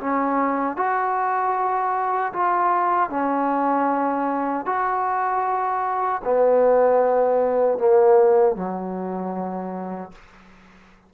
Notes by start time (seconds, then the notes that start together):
0.00 C#4
0.77 F#4
2.33 F4
3.10 C#4
4.66 F#4
6.24 B3
7.78 A#3
8.56 F#3